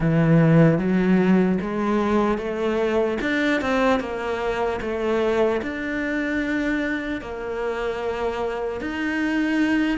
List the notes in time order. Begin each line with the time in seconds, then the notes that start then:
0.00 E3
0.78 F#3
1.61 G#3
2.37 A3
3.21 D4
3.61 C4
4.00 A#3
4.81 A3
5.61 D4
7.21 A#3
8.80 D#4